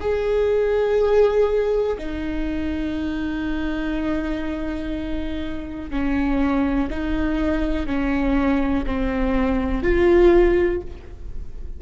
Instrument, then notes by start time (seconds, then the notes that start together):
viola
0.00 G#4
1.98 D#4
5.90 C#4
6.89 D#4
7.86 C#4
8.85 C4
9.82 F4